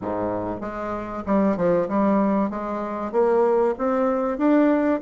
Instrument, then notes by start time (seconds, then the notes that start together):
bassoon
0.01 G#2
0.61 G#3
1.26 G3
1.56 F3
1.88 G3
2.50 G#3
3.12 A#3
3.78 C4
4.38 D4